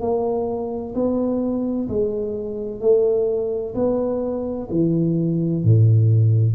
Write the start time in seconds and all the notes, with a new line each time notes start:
0.00 A#3
0.94 B3
1.88 G#3
2.80 A3
3.74 B3
4.70 E3
5.63 A2